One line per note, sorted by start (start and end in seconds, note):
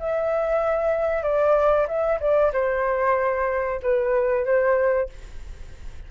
0.00 1.23 E5
1.23 1.87 D5
1.88 2.20 E5
2.20 2.52 D5
2.53 3.81 C5
3.82 4.46 B4
4.46 5.09 C5